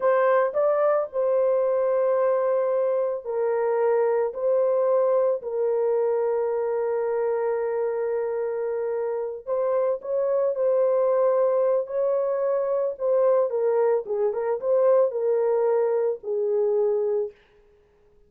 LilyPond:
\new Staff \with { instrumentName = "horn" } { \time 4/4 \tempo 4 = 111 c''4 d''4 c''2~ | c''2 ais'2 | c''2 ais'2~ | ais'1~ |
ais'4. c''4 cis''4 c''8~ | c''2 cis''2 | c''4 ais'4 gis'8 ais'8 c''4 | ais'2 gis'2 | }